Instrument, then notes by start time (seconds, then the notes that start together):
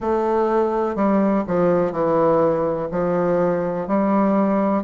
bassoon
0.00 A3
0.95 G3
1.47 F3
1.92 E3
2.91 F3
3.87 G3